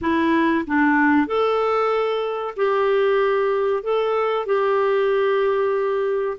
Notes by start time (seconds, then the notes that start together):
0.01 E4
0.66 D4
1.26 A4
2.56 G4
3.83 A4
4.46 G4